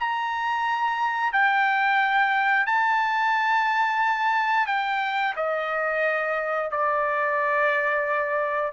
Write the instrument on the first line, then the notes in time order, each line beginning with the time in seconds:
trumpet
0.00 A#5
1.33 G5
2.67 A5
4.67 G5
5.37 D#5
6.71 D5